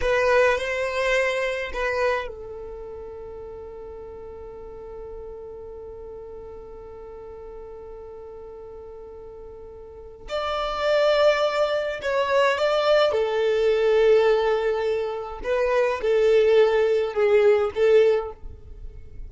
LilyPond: \new Staff \with { instrumentName = "violin" } { \time 4/4 \tempo 4 = 105 b'4 c''2 b'4 | a'1~ | a'1~ | a'1~ |
a'2 d''2~ | d''4 cis''4 d''4 a'4~ | a'2. b'4 | a'2 gis'4 a'4 | }